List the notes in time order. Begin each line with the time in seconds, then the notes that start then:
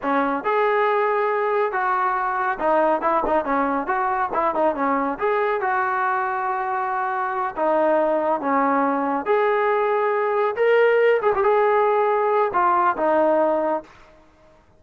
0.02 C#4
0.44 G#4
1.71 F#4
2.59 D#4
3.01 E4
3.26 D#4
3.44 C#4
3.87 F#4
4.33 E4
4.54 D#4
4.75 C#4
5.18 G#4
5.60 F#4
7.56 D#4
8.40 C#4
9.25 G#4
10.56 A#4
11.22 G#4
11.34 G4
11.43 G#4
12.53 F4
12.96 D#4